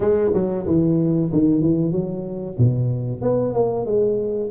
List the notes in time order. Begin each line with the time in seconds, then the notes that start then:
0.00 G#3
0.33 F#3
0.66 E3
1.32 D#3
1.61 E3
1.91 F#3
2.58 B2
3.21 B3
3.53 A#3
3.85 G#3